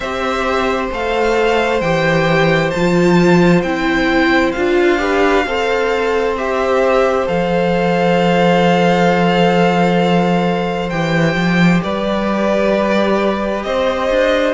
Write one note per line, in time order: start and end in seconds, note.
0.00 0.89 C4
0.00 0.92 G4
0.00 5.01 C5
0.00 0.88 E5
0.91 1.81 A3
0.91 1.83 A4
0.91 1.80 F5
1.80 2.72 E3
1.80 2.74 G4
1.80 2.70 G5
2.70 3.63 F3
2.70 3.64 F4
2.70 3.61 A5
3.62 4.54 C4
3.62 4.55 E4
3.62 4.52 G5
4.52 5.45 D4
4.52 4.98 F4
4.52 6.33 F5
4.98 5.44 G4
4.98 5.46 B4
5.45 7.27 C4
5.45 6.37 A4
5.45 11.83 C5
6.37 7.26 G4
6.37 7.27 E5
7.26 10.91 F3
7.26 10.90 A4
7.26 10.89 F5
10.89 11.35 E3
10.89 14.53 G4
10.89 11.80 G5
11.35 11.80 F3
11.83 13.64 G3
11.83 13.65 B4
11.83 13.62 D5
13.62 14.09 C4
13.62 14.53 C5
13.62 14.53 D#5
14.10 14.53 D4